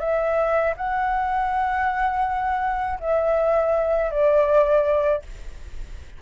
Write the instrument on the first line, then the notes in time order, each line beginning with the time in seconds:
flute
0.00 E5
0.77 F#5
3.00 E5
4.11 D5